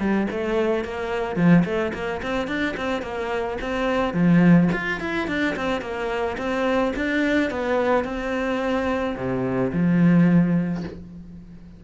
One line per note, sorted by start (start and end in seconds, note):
0.00 0.28 G3
0.31 0.85 A3
0.85 1.36 A#3
1.36 1.64 F3
1.65 1.93 A3
1.94 2.21 A#3
2.23 2.48 C4
2.48 2.76 D4
2.77 3.02 C4
3.02 3.58 A#3
3.62 4.14 C4
4.14 4.70 F3
4.73 5.01 F4
5.01 5.28 E4
5.28 5.56 D4
5.56 5.82 C4
5.82 6.37 A#3
6.38 6.93 C4
6.96 7.51 D4
7.51 8.05 B3
8.05 9.16 C4
9.17 9.72 C3
9.73 10.84 F3